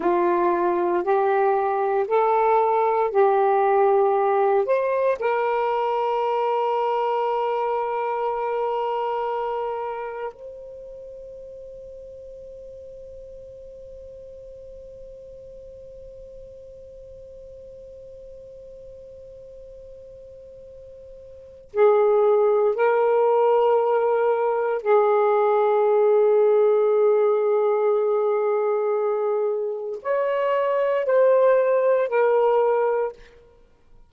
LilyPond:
\new Staff \with { instrumentName = "saxophone" } { \time 4/4 \tempo 4 = 58 f'4 g'4 a'4 g'4~ | g'8 c''8 ais'2.~ | ais'2 c''2~ | c''1~ |
c''1~ | c''4 gis'4 ais'2 | gis'1~ | gis'4 cis''4 c''4 ais'4 | }